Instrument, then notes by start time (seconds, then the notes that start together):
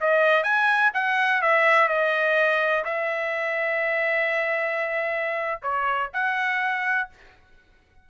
trumpet
0.00 D#5
0.43 G#5
0.94 F#5
1.42 E5
1.88 D#5
2.84 E5
5.62 C#5
6.13 F#5